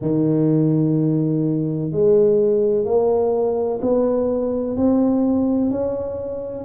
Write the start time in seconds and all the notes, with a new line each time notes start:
0.01 D#3
1.91 G#3
2.84 A#3
3.81 B3
4.77 C4
5.70 C#4